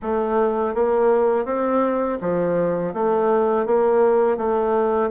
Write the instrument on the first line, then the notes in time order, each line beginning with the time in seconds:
bassoon
0.02 A3
0.74 A#3
1.45 C4
2.21 F3
2.93 A3
3.66 A#3
4.37 A3